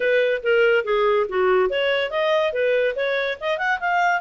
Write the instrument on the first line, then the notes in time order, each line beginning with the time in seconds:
clarinet
0.00 B4
0.43 A#4
0.84 G#4
1.28 F#4
1.69 C#5
2.10 D#5
2.52 B4
2.95 C#5
3.40 D#5
3.58 F#5
3.79 F5